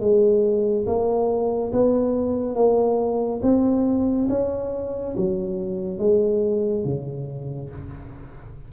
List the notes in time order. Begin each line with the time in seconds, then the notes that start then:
0.00 G#3
0.86 A#3
1.73 B3
2.55 A#3
3.42 C4
4.29 C#4
5.17 F#3
5.99 G#3
6.85 C#3